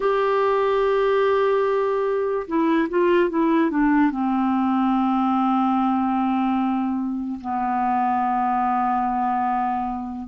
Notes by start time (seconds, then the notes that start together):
0.00 G4
2.47 E4
2.89 F4
3.29 E4
3.70 D4
4.10 C4
7.40 B3